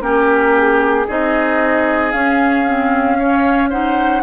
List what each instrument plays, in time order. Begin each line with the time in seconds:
0.00 bassoon A#3, clarinet C#4, oboe G4, flute A#4
0.57 flute G#4
1.07 bassoon C4, clarinet D#4, oboe G#4, flute D#5
2.11 clarinet C#4, bassoon C#4, flute F5
2.66 clarinet C4
3.19 clarinet C#4, oboe C#5
3.70 clarinet D#4, oboe C5, flute F#5